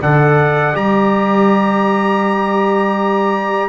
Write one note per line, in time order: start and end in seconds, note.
0.00 0.74 D3
0.00 0.73 A4
0.00 3.69 D5
0.00 0.75 F#5
0.73 3.69 G3
0.73 3.69 G4
0.73 3.69 A#5